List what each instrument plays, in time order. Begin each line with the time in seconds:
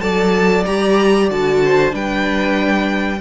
0.00 cello F#3, viola A4, violin D5 A5
0.66 cello G3, viola G4, violin A#5
1.29 cello D3, viola F#4, violin A5
1.64 violin C5
1.90 cello G3, viola D4, violin B4 G5